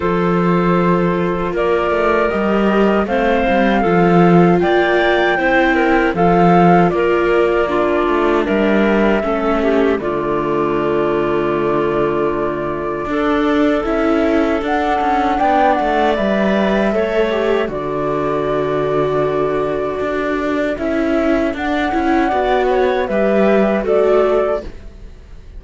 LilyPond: <<
  \new Staff \with { instrumentName = "flute" } { \time 4/4 \tempo 4 = 78 c''2 d''4 dis''4 | f''2 g''2 | f''4 d''2 e''4~ | e''4 d''2.~ |
d''2 e''4 fis''4 | g''8 fis''8 e''2 d''4~ | d''2. e''4 | fis''2 e''4 d''4 | }
  \new Staff \with { instrumentName = "clarinet" } { \time 4/4 a'2 ais'2 | c''4 a'4 d''4 c''8 ais'8 | a'4 ais'4 f'4 ais'4 | a'8 g'8 f'2.~ |
f'4 a'2. | d''2 cis''4 a'4~ | a'1~ | a'4 d''8 cis''8 b'4 a'4 | }
  \new Staff \with { instrumentName = "viola" } { \time 4/4 f'2. g'4 | c'4 f'2 e'4 | f'2 d'2 | cis'4 a2.~ |
a4 d'4 e'4 d'4~ | d'4 b'4 a'8 g'8 fis'4~ | fis'2. e'4 | d'8 e'8 fis'4 g'4 fis'4 | }
  \new Staff \with { instrumentName = "cello" } { \time 4/4 f2 ais8 a8 g4 | a8 g8 f4 ais4 c'4 | f4 ais4. a8 g4 | a4 d2.~ |
d4 d'4 cis'4 d'8 cis'8 | b8 a8 g4 a4 d4~ | d2 d'4 cis'4 | d'8 cis'8 b4 g4 a4 | }
>>